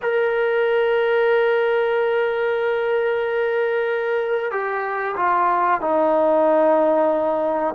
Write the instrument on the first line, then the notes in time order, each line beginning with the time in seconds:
trombone
0.02 A#4
4.51 G4
5.16 F4
5.81 D#4